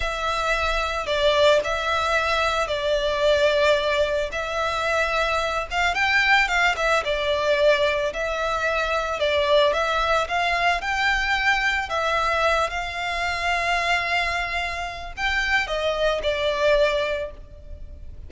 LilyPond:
\new Staff \with { instrumentName = "violin" } { \time 4/4 \tempo 4 = 111 e''2 d''4 e''4~ | e''4 d''2. | e''2~ e''8 f''8 g''4 | f''8 e''8 d''2 e''4~ |
e''4 d''4 e''4 f''4 | g''2 e''4. f''8~ | f''1 | g''4 dis''4 d''2 | }